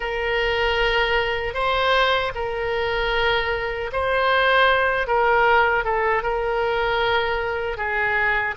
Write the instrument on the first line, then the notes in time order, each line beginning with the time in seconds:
oboe
0.00 A#4
1.54 C5
2.34 A#4
3.92 C5
5.07 A#4
5.84 A4
6.22 A#4
7.77 G#4